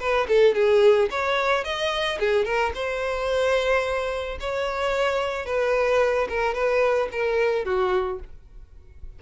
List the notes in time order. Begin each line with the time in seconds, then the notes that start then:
0.00 B4
0.29 A4
0.55 G#4
1.11 C#5
1.64 D#5
2.20 G#4
2.45 A#4
2.75 C5
4.41 C#5
5.46 B4
6.29 A#4
6.54 B4
7.12 A#4
7.65 F#4